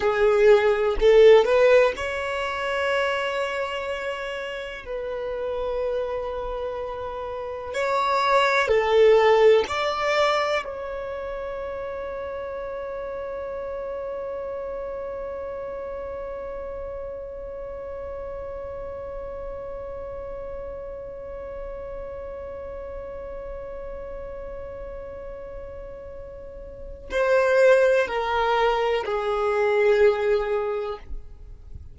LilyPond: \new Staff \with { instrumentName = "violin" } { \time 4/4 \tempo 4 = 62 gis'4 a'8 b'8 cis''2~ | cis''4 b'2. | cis''4 a'4 d''4 cis''4~ | cis''1~ |
cis''1~ | cis''1~ | cis''1 | c''4 ais'4 gis'2 | }